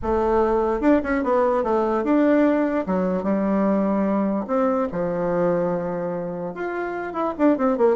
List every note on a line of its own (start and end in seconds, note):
0.02 0.80 A3
0.80 1.01 D4
1.03 1.23 C#4
1.23 1.63 B3
1.63 2.03 A3
2.03 2.85 D4
2.86 3.23 F#3
3.23 4.45 G3
4.47 4.88 C4
4.92 6.54 F3
6.54 7.13 F4
7.13 7.33 E4
7.37 7.57 D4
7.57 7.77 C4
7.77 7.96 A#3